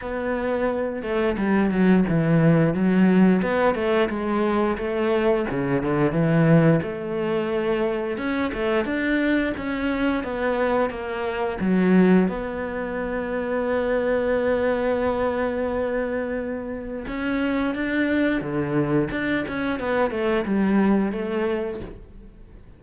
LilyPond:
\new Staff \with { instrumentName = "cello" } { \time 4/4 \tempo 4 = 88 b4. a8 g8 fis8 e4 | fis4 b8 a8 gis4 a4 | cis8 d8 e4 a2 | cis'8 a8 d'4 cis'4 b4 |
ais4 fis4 b2~ | b1~ | b4 cis'4 d'4 d4 | d'8 cis'8 b8 a8 g4 a4 | }